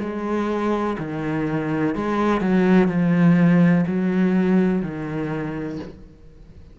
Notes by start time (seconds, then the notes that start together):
0.00 G#3
0.99 D#3
1.95 G#3
2.41 F#3
2.88 F3
3.87 F#3
4.83 D#3